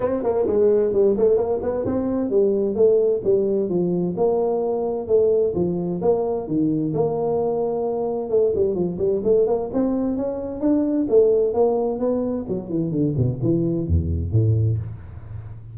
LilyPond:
\new Staff \with { instrumentName = "tuba" } { \time 4/4 \tempo 4 = 130 c'8 ais8 gis4 g8 a8 ais8 b8 | c'4 g4 a4 g4 | f4 ais2 a4 | f4 ais4 dis4 ais4~ |
ais2 a8 g8 f8 g8 | a8 ais8 c'4 cis'4 d'4 | a4 ais4 b4 fis8 e8 | d8 b,8 e4 e,4 a,4 | }